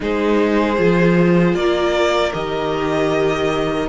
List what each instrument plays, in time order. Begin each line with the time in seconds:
0.00 cello G#3, viola D#4, violin G#4 C5
0.76 cello F3, viola F4
1.54 cello A#3, violin A#4 D5
2.32 cello D#3, viola G4, violin D#5